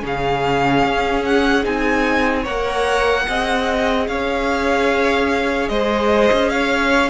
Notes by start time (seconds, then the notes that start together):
0.00 C#3 C#4 G#4
0.07 F5
0.85 C#4
1.25 F#5
1.63 C4 D#4 G#5
2.43 A#3 A#4 C#5 F#5
3.28 C4 G#4 D#5
4.08 C#4 C#5 F5
5.69 G#3 C5 D#5
6.33 C#4
6.50 C#5 F5